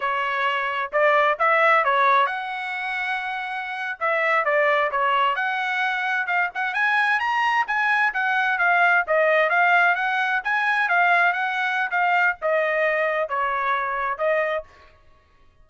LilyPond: \new Staff \with { instrumentName = "trumpet" } { \time 4/4 \tempo 4 = 131 cis''2 d''4 e''4 | cis''4 fis''2.~ | fis''8. e''4 d''4 cis''4 fis''16~ | fis''4.~ fis''16 f''8 fis''8 gis''4 ais''16~ |
ais''8. gis''4 fis''4 f''4 dis''16~ | dis''8. f''4 fis''4 gis''4 f''16~ | f''8. fis''4~ fis''16 f''4 dis''4~ | dis''4 cis''2 dis''4 | }